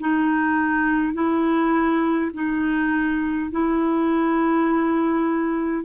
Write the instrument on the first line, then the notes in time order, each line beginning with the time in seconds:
clarinet
0.00 D#4
1.14 E4
2.34 D#4
3.51 E4